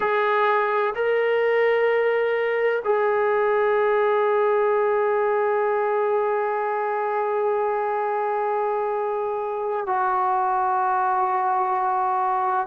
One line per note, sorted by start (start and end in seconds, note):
0.00 0.94 G#4
0.95 2.83 A#4
2.84 9.86 G#4
9.86 12.66 F#4